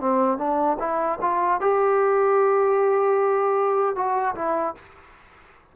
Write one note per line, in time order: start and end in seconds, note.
0.00 0.38 C4
0.38 0.78 D4
0.79 1.19 E4
1.21 1.61 F4
1.61 3.95 G4
3.95 4.35 F#4
4.35 4.75 E4